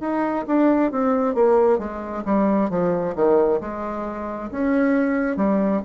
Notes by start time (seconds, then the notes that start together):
0.00 D#4
0.46 D4
0.91 C4
1.34 A#3
1.78 G#3
2.25 G3
2.69 F3
3.15 D#3
3.60 G#3
4.51 C#4
5.36 G3